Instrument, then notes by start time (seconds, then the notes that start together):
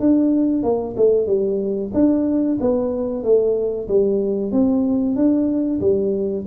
tuba
0.00 D4
0.63 A#3
0.97 A3
1.27 G3
1.94 D4
2.61 B3
3.24 A3
3.89 G3
4.52 C4
5.16 D4
5.81 G3